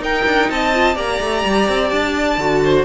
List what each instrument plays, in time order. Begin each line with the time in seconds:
0.00 cello D#4, viola D#4, violin A#4 G5
0.26 cello D4
0.50 cello C4, violin D#5 A5
0.74 viola F4
0.95 cello A#3, viola G4, violin D5 A#5
1.21 cello A3
1.45 cello G3
1.69 cello C4
1.89 cello D4, violin A5
2.38 cello D3, viola F#4
2.64 violin C5